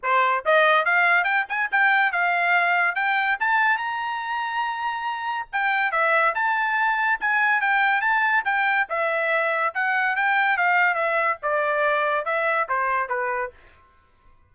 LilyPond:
\new Staff \with { instrumentName = "trumpet" } { \time 4/4 \tempo 4 = 142 c''4 dis''4 f''4 g''8 gis''8 | g''4 f''2 g''4 | a''4 ais''2.~ | ais''4 g''4 e''4 a''4~ |
a''4 gis''4 g''4 a''4 | g''4 e''2 fis''4 | g''4 f''4 e''4 d''4~ | d''4 e''4 c''4 b'4 | }